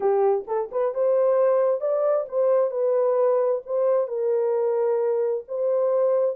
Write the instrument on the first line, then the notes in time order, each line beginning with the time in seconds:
horn
0.00 G4
0.47 A4
0.71 B4
0.94 C5
1.80 D5
2.28 C5
2.70 B4
3.66 C5
4.07 A#4
5.48 C5